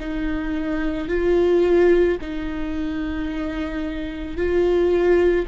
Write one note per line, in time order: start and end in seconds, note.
0.00 1.09 D#4
1.09 2.18 F4
2.21 4.36 D#4
4.36 5.45 F4